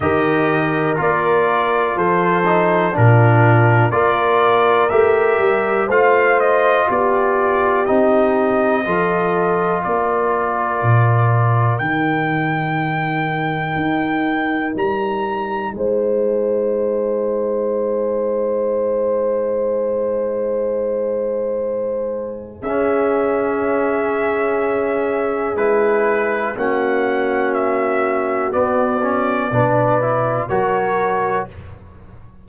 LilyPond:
<<
  \new Staff \with { instrumentName = "trumpet" } { \time 4/4 \tempo 4 = 61 dis''4 d''4 c''4 ais'4 | d''4 e''4 f''8 dis''8 d''4 | dis''2 d''2 | g''2. ais''4 |
gis''1~ | gis''2. e''4~ | e''2 b'4 fis''4 | e''4 d''2 cis''4 | }
  \new Staff \with { instrumentName = "horn" } { \time 4/4 ais'2 a'4 f'4 | ais'2 c''4 g'4~ | g'4 a'4 ais'2~ | ais'1 |
c''1~ | c''2. gis'4~ | gis'2. fis'4~ | fis'2 b'4 ais'4 | }
  \new Staff \with { instrumentName = "trombone" } { \time 4/4 g'4 f'4. dis'8 d'4 | f'4 g'4 f'2 | dis'4 f'2. | dis'1~ |
dis'1~ | dis'2. cis'4~ | cis'2 e'4 cis'4~ | cis'4 b8 cis'8 d'8 e'8 fis'4 | }
  \new Staff \with { instrumentName = "tuba" } { \time 4/4 dis4 ais4 f4 ais,4 | ais4 a8 g8 a4 b4 | c'4 f4 ais4 ais,4 | dis2 dis'4 g4 |
gis1~ | gis2. cis'4~ | cis'2 gis4 ais4~ | ais4 b4 b,4 fis4 | }
>>